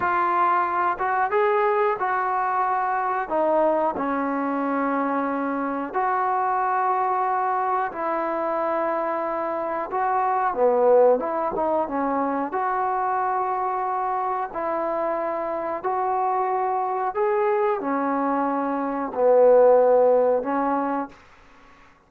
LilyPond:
\new Staff \with { instrumentName = "trombone" } { \time 4/4 \tempo 4 = 91 f'4. fis'8 gis'4 fis'4~ | fis'4 dis'4 cis'2~ | cis'4 fis'2. | e'2. fis'4 |
b4 e'8 dis'8 cis'4 fis'4~ | fis'2 e'2 | fis'2 gis'4 cis'4~ | cis'4 b2 cis'4 | }